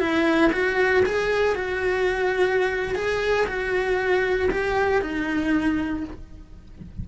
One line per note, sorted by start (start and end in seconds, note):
0.00 0.51 E4
0.53 1.04 F#4
1.06 1.56 G#4
1.56 2.96 F#4
2.96 3.47 G#4
3.47 4.50 F#4
4.51 5.02 G4
5.02 6.04 D#4